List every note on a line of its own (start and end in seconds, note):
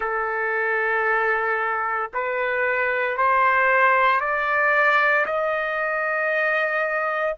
0.00 2.11 A4
2.13 3.17 B4
3.17 4.20 C5
4.20 5.25 D5
5.25 7.36 D#5